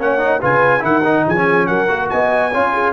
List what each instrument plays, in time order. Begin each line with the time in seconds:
0.00 tuba A#3, trombone C#4, horn C#5, trumpet F#5
0.19 trombone D#4
0.41 tuba C#3, trombone F4, horn B4, trumpet G#5
0.80 tuba D#3, trombone E4, horn A#4, trumpet F#5
1.05 trombone D#4
1.27 tuba F3, horn G#4, trumpet G#5
1.36 trombone C#4
1.67 tuba F#3, horn A#4, trumpet F#5
1.88 tuba A#3, trombone F#4
2.10 tuba B3, horn D#5, trumpet G#5
2.51 tuba C#4, trombone F4, horn C#5
2.74 horn G#4